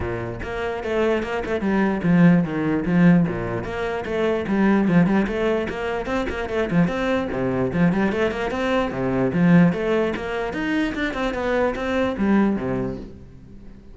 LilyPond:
\new Staff \with { instrumentName = "cello" } { \time 4/4 \tempo 4 = 148 ais,4 ais4 a4 ais8 a8 | g4 f4 dis4 f4 | ais,4 ais4 a4 g4 | f8 g8 a4 ais4 c'8 ais8 |
a8 f8 c'4 c4 f8 g8 | a8 ais8 c'4 c4 f4 | a4 ais4 dis'4 d'8 c'8 | b4 c'4 g4 c4 | }